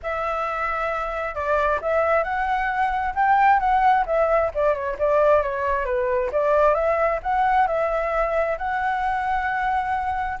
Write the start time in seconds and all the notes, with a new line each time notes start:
0.02 E5
1.34 D5
1.81 E5
2.23 F#5
3.14 G5
3.59 F#5
4.06 E5
4.54 D5
4.74 C#5
4.98 D5
5.42 C#5
5.85 B4
6.32 D5
6.74 E5
7.22 F#5
7.67 E5
8.58 F#5